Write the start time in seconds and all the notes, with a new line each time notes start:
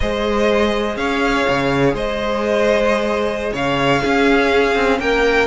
0.00 G#3 G#4 C5 D#5
0.96 C#4 C#5 F5
1.49 C#3
1.94 G#3 C5 D#5
3.52 C#3 C#5 F5
4.01 C#4 G#4
4.75 C4
4.99 A#3 A#4 G5